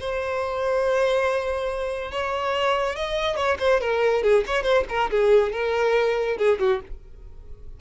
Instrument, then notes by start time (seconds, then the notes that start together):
violin
0.00 C5
2.12 C#5
2.96 D#5
3.37 C#5
3.60 C5
3.81 A#4
4.23 G#4
4.47 C#5
4.63 C5
4.89 A#4
5.11 G#4
5.53 A#4
6.38 G#4
6.60 F#4